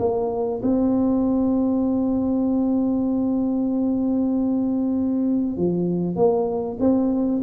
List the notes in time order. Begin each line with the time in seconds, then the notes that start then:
0.00 A#3
0.63 C4
5.58 F3
6.16 A#3
6.80 C4